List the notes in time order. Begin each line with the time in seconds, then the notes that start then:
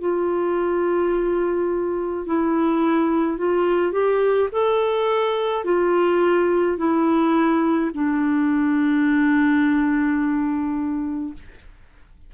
0.00 F4
2.26 E4
3.38 F4
3.92 G4
4.52 A4
5.64 F4
6.78 E4
7.94 D4